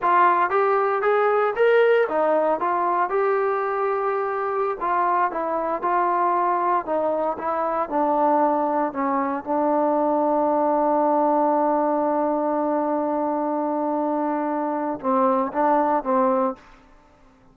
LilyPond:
\new Staff \with { instrumentName = "trombone" } { \time 4/4 \tempo 4 = 116 f'4 g'4 gis'4 ais'4 | dis'4 f'4 g'2~ | g'4~ g'16 f'4 e'4 f'8.~ | f'4~ f'16 dis'4 e'4 d'8.~ |
d'4~ d'16 cis'4 d'4.~ d'16~ | d'1~ | d'1~ | d'4 c'4 d'4 c'4 | }